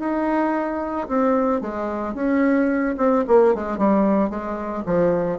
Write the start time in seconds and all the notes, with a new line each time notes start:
0.00 D#4
1.09 C4
1.61 G#3
2.15 C#4
2.98 C4
3.28 A#3
3.55 G#3
3.78 G3
4.30 G#3
4.86 F3